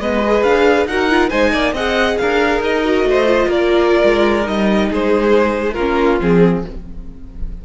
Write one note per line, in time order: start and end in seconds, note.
0.00 0.43 G#3
0.00 0.22 B3
0.00 0.88 B4
0.00 0.43 D#5
0.22 0.87 G#4
0.43 0.86 D4
0.43 0.87 F5
0.86 1.30 D#4
0.86 1.10 F#4
0.86 1.30 A#4
0.86 1.30 F#5
1.10 1.31 F4
1.30 1.54 G#3
1.30 1.75 D#4
1.30 1.52 C5
1.30 1.73 G#5
1.52 1.73 A#3
1.52 1.74 D5
1.73 2.17 C4
1.73 2.84 G#4
1.73 2.17 D#5
1.73 2.18 F#5
2.18 2.61 D4
2.18 3.09 A#4
2.18 2.62 F5
2.61 3.03 D#4
2.61 3.51 D#5
2.84 3.26 F#4
3.03 3.47 A3
3.03 3.48 C5
3.26 4.43 F4
3.48 4.03 A#3
3.48 4.90 A#4
3.48 4.48 D5
4.04 4.48 G#3
4.43 4.91 G3
4.43 5.74 D#4
4.43 4.91 D#5
4.90 5.77 G#3
4.90 5.74 G#4
4.90 5.74 C5
5.74 6.21 A#3
5.74 6.61 F4
5.74 6.17 A#4
5.80 6.21 C#4
6.21 6.65 F3
6.21 6.64 C4
6.21 6.65 G#4